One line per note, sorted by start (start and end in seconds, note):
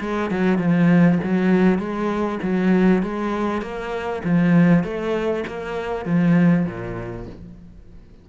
0.00 0.30 G#3
0.31 0.58 F#3
0.58 1.19 F3
1.23 1.79 F#3
1.79 2.39 G#3
2.42 3.02 F#3
3.02 3.61 G#3
3.61 4.22 A#3
4.24 4.84 F3
4.84 5.44 A3
5.47 6.06 A#3
6.06 6.66 F3
6.66 7.26 A#2